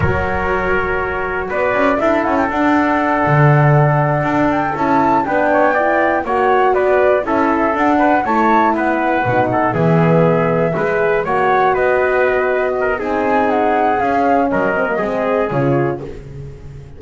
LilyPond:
<<
  \new Staff \with { instrumentName = "flute" } { \time 4/4 \tempo 4 = 120 cis''2. d''4 | e''8 fis''16 g''16 fis''2.~ | fis''4 g''8 a''4 g''4.~ | g''8 fis''4 d''4 e''4 fis''8~ |
fis''8 a''4 fis''2 e''8~ | e''2~ e''8 fis''4 dis''8~ | dis''2 gis''4 fis''4 | f''4 dis''2 cis''4 | }
  \new Staff \with { instrumentName = "trumpet" } { \time 4/4 ais'2. b'4 | a'1~ | a'2~ a'8 b'8 cis''8 d''8~ | d''8 cis''4 b'4 a'4. |
b'8 cis''4 b'4. a'8 gis'8~ | gis'4. b'4 cis''4 b'8~ | b'4. ais'8 gis'2~ | gis'4 ais'4 gis'2 | }
  \new Staff \with { instrumentName = "horn" } { \time 4/4 fis'1 | e'4 d'2.~ | d'4. e'4 d'4 e'8~ | e'8 fis'2 e'4 d'8~ |
d'8 e'2 dis'4 b8~ | b4. gis'4 fis'4.~ | fis'2 dis'2 | cis'4. c'16 ais16 c'4 f'4 | }
  \new Staff \with { instrumentName = "double bass" } { \time 4/4 fis2. b8 cis'8 | d'8 cis'8 d'4. d4.~ | d8 d'4 cis'4 b4.~ | b8 ais4 b4 cis'4 d'8~ |
d'8 a4 b4 b,4 e8~ | e4. gis4 ais4 b8~ | b2 c'2 | cis'4 fis4 gis4 cis4 | }
>>